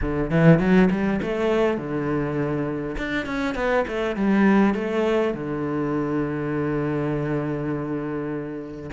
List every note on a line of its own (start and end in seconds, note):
0.01 0.30 D3
0.30 0.59 E3
0.59 0.89 F#3
0.90 1.20 G3
1.22 1.77 A3
1.77 2.96 D3
2.97 3.26 D4
3.26 3.55 C#4
3.55 3.84 B3
3.87 4.16 A3
4.16 4.74 G3
4.74 5.33 A3
5.33 8.90 D3